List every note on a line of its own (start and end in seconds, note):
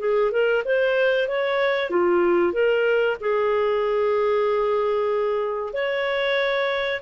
0.00 0.32 G#4
0.32 0.64 A#4
0.65 1.29 C5
1.29 1.90 C#5
1.90 2.53 F4
2.53 3.17 A#4
3.21 5.73 G#4
5.73 7.01 C#5